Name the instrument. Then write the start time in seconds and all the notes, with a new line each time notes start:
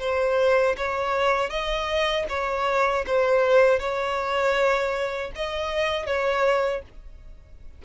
violin
0.00 C5
0.77 C#5
1.50 D#5
2.29 C#5
3.07 C5
3.79 C#5
5.35 D#5
6.06 C#5